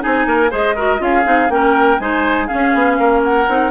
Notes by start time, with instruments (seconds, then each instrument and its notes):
0.00 clarinet D#4, oboe G#4, flute G#5
0.06 bassoon C4
0.27 bassoon A#3, oboe A#4
0.50 bassoon G#3, clarinet G#4, oboe C5, flute D#5
0.76 clarinet F#4, oboe A#4
0.99 bassoon C#4, clarinet F4, oboe G#4, flute F5
1.24 bassoon C4, clarinet D#4
1.49 bassoon A#3, clarinet C#4, oboe A#4, flute G5
1.99 bassoon G#3, clarinet D#4, oboe C5, flute G#5
2.48 clarinet C#4, oboe G#4, flute F5
2.54 bassoon C#4
2.75 bassoon B3
2.99 bassoon A#3, oboe A#4
3.24 flute F#5
3.48 bassoon C4, clarinet D#4